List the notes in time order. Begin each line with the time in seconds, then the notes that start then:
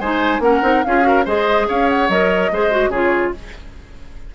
0.00 G#3 D#4 C5 G#5
0.39 A#3 C#4 A#4 F#5
0.62 C4 D#4
0.84 C#4 F4 G#4 F5
1.02 F#4 A#4
1.25 G#3 G#4 C5 D#5
1.68 C#4 C#5 F5
1.89 F#5
2.09 F#3 A#4 D#5
2.51 G#3 G#4 C5
2.71 F#4
2.88 C#3 F4 G#4 C#5